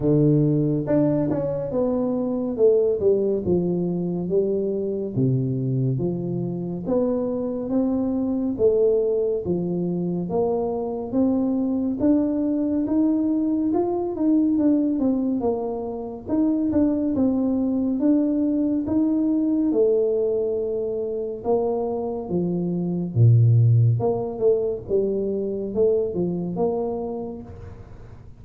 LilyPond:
\new Staff \with { instrumentName = "tuba" } { \time 4/4 \tempo 4 = 70 d4 d'8 cis'8 b4 a8 g8 | f4 g4 c4 f4 | b4 c'4 a4 f4 | ais4 c'4 d'4 dis'4 |
f'8 dis'8 d'8 c'8 ais4 dis'8 d'8 | c'4 d'4 dis'4 a4~ | a4 ais4 f4 ais,4 | ais8 a8 g4 a8 f8 ais4 | }